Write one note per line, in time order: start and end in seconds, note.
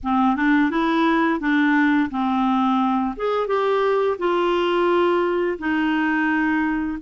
0.03 0.36 C4
0.36 0.70 D4
0.70 1.40 E4
1.40 2.09 D4
2.10 3.15 C4
3.16 3.47 G#4
3.47 4.17 G4
4.18 5.58 F4
5.58 6.98 D#4